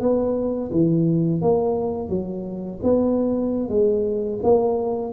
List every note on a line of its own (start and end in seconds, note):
0.00 0.71 B3
0.71 1.41 E3
1.41 2.09 A#3
2.09 2.79 F#3
2.83 3.69 B3
3.69 4.39 G#3
4.43 5.12 A#3